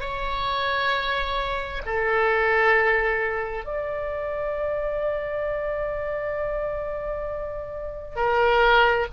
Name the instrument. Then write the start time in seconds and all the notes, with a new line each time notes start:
oboe
0.00 C#5
1.85 A4
3.64 D5
8.15 A#4